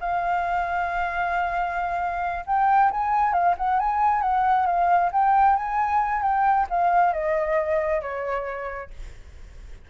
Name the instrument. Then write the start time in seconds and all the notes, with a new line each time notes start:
flute
0.00 F5
2.46 G5
2.91 G#5
3.33 F5
3.57 F#5
3.79 G#5
4.22 F#5
4.66 F5
5.12 G5
5.56 G#5
6.22 G5
6.69 F5
7.13 D#5
8.01 C#5